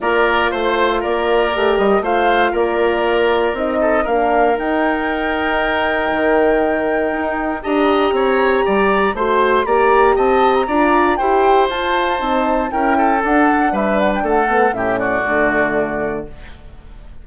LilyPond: <<
  \new Staff \with { instrumentName = "flute" } { \time 4/4 \tempo 4 = 118 d''4 c''4 d''4. dis''8 | f''4 d''2 dis''4 | f''4 g''2.~ | g''2. ais''4~ |
ais''2 c'''4 ais''4 | a''8. ais''4~ ais''16 g''4 a''4~ | a''4 g''4 fis''4 e''8 fis''16 g''16 | fis''4 e''8 d''2~ d''8 | }
  \new Staff \with { instrumentName = "oboe" } { \time 4/4 ais'4 c''4 ais'2 | c''4 ais'2~ ais'8 a'8 | ais'1~ | ais'2. dis''4 |
cis''4 d''4 c''4 d''4 | dis''4 d''4 c''2~ | c''4 ais'8 a'4. b'4 | a'4 g'8 fis'2~ fis'8 | }
  \new Staff \with { instrumentName = "horn" } { \time 4/4 f'2. g'4 | f'2. dis'4 | d'4 dis'2.~ | dis'2. g'4~ |
g'2 fis'4 g'4~ | g'4 f'4 g'4 f'4 | dis'4 e'4 d'2~ | d'8 b8 cis'4 a2 | }
  \new Staff \with { instrumentName = "bassoon" } { \time 4/4 ais4 a4 ais4 a8 g8 | a4 ais2 c'4 | ais4 dis'2. | dis2 dis'4 d'4 |
c'4 g4 a4 ais4 | c'4 d'4 e'4 f'4 | c'4 cis'4 d'4 g4 | a4 a,4 d2 | }
>>